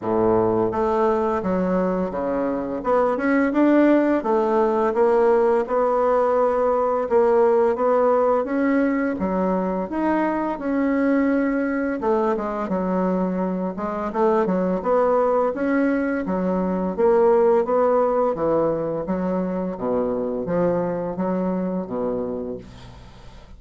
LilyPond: \new Staff \with { instrumentName = "bassoon" } { \time 4/4 \tempo 4 = 85 a,4 a4 fis4 cis4 | b8 cis'8 d'4 a4 ais4 | b2 ais4 b4 | cis'4 fis4 dis'4 cis'4~ |
cis'4 a8 gis8 fis4. gis8 | a8 fis8 b4 cis'4 fis4 | ais4 b4 e4 fis4 | b,4 f4 fis4 b,4 | }